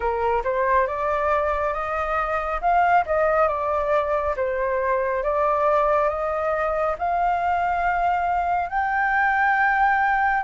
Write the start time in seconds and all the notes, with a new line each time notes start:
0.00 A#4
0.43 C5
0.87 D5
1.73 D#5
2.61 F5
3.06 D#5
3.48 D5
4.36 C5
5.23 D5
6.08 D#5
6.98 F5
8.70 G5